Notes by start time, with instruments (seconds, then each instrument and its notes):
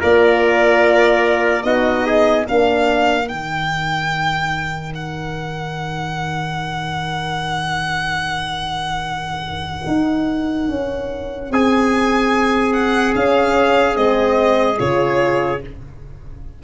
0.00 tuba A#3, horn F4, trumpet A#4, violin D5
1.63 tuba B3, horn D#4, trumpet F#4, violin D#5
2.06 trumpet G#4
2.46 tuba A#3, horn D4, trumpet A#4, violin F5
3.26 tuba D#3, horn D#4, violin G5
4.95 violin F#5
9.87 tuba D#4
10.68 tuba C#4
11.51 tuba C4, trumpet G#4, violin G#5
12.74 violin F#5
13.16 tuba C#4, horn C#4, violin F5
13.95 tuba G#3, horn C4, violin D#5
14.79 tuba C#3, horn F4, violin C#5